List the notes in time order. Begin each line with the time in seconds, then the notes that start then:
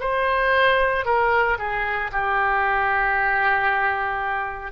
0.00 C5
1.05 A#4
1.58 G#4
2.12 G4